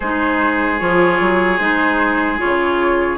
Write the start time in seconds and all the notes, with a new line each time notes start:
0.00 G#3 D#4 G#4 C5
0.79 F3 F4 C#5
1.20 F#3
1.58 G#3 D#4 C5
2.38 F4 C#5
2.44 C#3